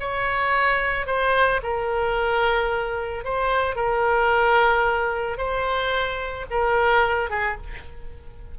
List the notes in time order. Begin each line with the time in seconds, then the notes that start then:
0.00 C#5
1.06 C5
1.63 A#4
3.24 C5
3.76 A#4
5.38 C5
6.50 A#4
7.30 G#4